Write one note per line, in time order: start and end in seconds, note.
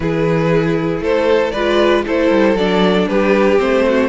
0.00 1.00 E3
0.00 1.54 E4
0.00 1.03 G#4
0.00 1.01 B4
1.00 1.51 A3
1.00 1.53 A4
1.00 1.51 C5
1.51 2.05 G#3
1.51 2.06 F4
1.51 2.04 B4
1.51 2.02 D5
2.06 2.31 A3
2.06 2.57 E4
2.06 3.08 A4
2.06 2.57 C5
2.31 2.54 G3
2.54 3.06 F#3
2.54 3.58 D4
2.54 3.08 D5
3.08 3.59 G3
3.08 3.85 G4
3.08 3.58 B4
3.58 4.09 A3
3.58 4.09 C4
3.58 4.09 C5
3.87 4.09 F#4